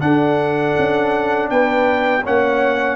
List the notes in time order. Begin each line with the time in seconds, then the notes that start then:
0.00 D4 A4 F#5
0.78 C#4
1.50 B3 B4 G5
2.23 A#3 C#4 C#5 F#5